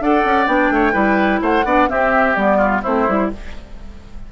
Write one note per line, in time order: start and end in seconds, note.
0.00 0.24 D4
0.00 0.46 A4
0.00 0.74 D5
0.00 0.47 F#5
0.25 0.47 C#4
0.46 0.70 B3
0.46 0.93 D4
0.46 1.42 G5
0.70 0.94 A3
0.70 0.93 C#5
0.93 1.41 G3
0.93 1.64 E4
0.93 1.40 B4
1.42 1.64 A3
1.42 1.66 C5
1.42 1.89 F#5
1.64 1.88 B3
1.64 1.88 D4
1.64 1.89 D5
1.88 2.35 C4
1.88 2.36 C4
1.88 2.57 G4
1.88 2.35 E5
2.35 2.83 G3
2.35 2.84 B3
2.35 2.82 D5
2.57 2.81 F4
2.83 3.08 A3
2.83 3.08 C4
2.83 3.30 E4
2.83 3.31 C5
3.08 3.32 G3
3.08 3.31 E4